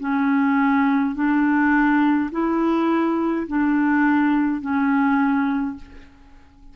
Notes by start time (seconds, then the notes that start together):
0.00 C#4
1.15 D4
2.32 E4
3.48 D4
4.61 C#4